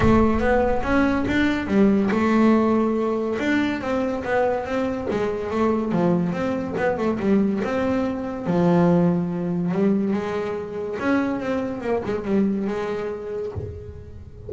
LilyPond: \new Staff \with { instrumentName = "double bass" } { \time 4/4 \tempo 4 = 142 a4 b4 cis'4 d'4 | g4 a2. | d'4 c'4 b4 c'4 | gis4 a4 f4 c'4 |
b8 a8 g4 c'2 | f2. g4 | gis2 cis'4 c'4 | ais8 gis8 g4 gis2 | }